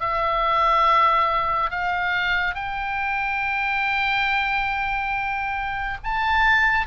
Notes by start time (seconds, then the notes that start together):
0.00 E5
1.70 F5
2.55 G5
6.04 A5